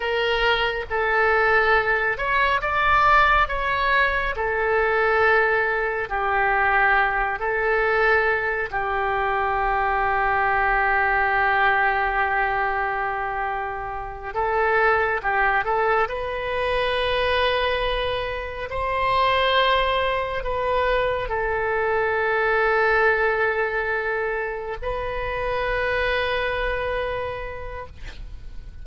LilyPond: \new Staff \with { instrumentName = "oboe" } { \time 4/4 \tempo 4 = 69 ais'4 a'4. cis''8 d''4 | cis''4 a'2 g'4~ | g'8 a'4. g'2~ | g'1~ |
g'8 a'4 g'8 a'8 b'4.~ | b'4. c''2 b'8~ | b'8 a'2.~ a'8~ | a'8 b'2.~ b'8 | }